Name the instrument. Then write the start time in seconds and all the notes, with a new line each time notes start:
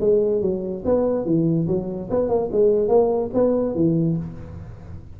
tuba
0.00 G#3
0.41 F#3
0.85 B3
1.25 E3
1.67 F#3
2.10 B3
2.28 A#3
2.52 G#3
2.88 A#3
3.34 B3
3.75 E3